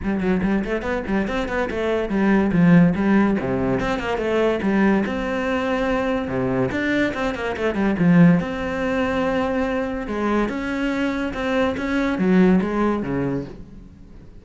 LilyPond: \new Staff \with { instrumentName = "cello" } { \time 4/4 \tempo 4 = 143 g8 fis8 g8 a8 b8 g8 c'8 b8 | a4 g4 f4 g4 | c4 c'8 ais8 a4 g4 | c'2. c4 |
d'4 c'8 ais8 a8 g8 f4 | c'1 | gis4 cis'2 c'4 | cis'4 fis4 gis4 cis4 | }